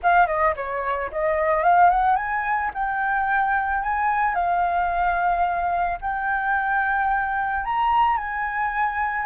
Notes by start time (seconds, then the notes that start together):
0.02 F5
0.27 D#5
0.56 C#5
1.11 D#5
1.63 F5
1.90 F#5
2.16 G#5
2.74 G5
3.83 G#5
4.35 F5
6.01 G5
7.65 A#5
8.17 G#5